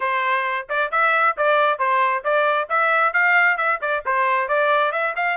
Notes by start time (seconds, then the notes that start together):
0.00 C5
0.69 D5
0.91 E5
1.37 D5
1.78 C5
2.23 D5
2.69 E5
3.13 F5
3.57 E5
3.81 D5
4.05 C5
4.48 D5
4.92 E5
5.16 F5